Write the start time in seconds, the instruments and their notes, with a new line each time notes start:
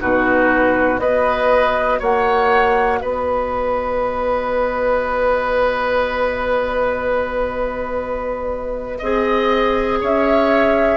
0.00 bassoon B2, clarinet D#4, oboe F#4, flute B4
0.99 bassoon B3, clarinet F#4, oboe B4, flute D#5
1.99 bassoon A#3, oboe C#5, flute F#5
3.01 bassoon B3, oboe B4, flute D#5
8.99 bassoon C4, clarinet G#4, oboe D#5
10.01 bassoon C#4, oboe C#5, flute E5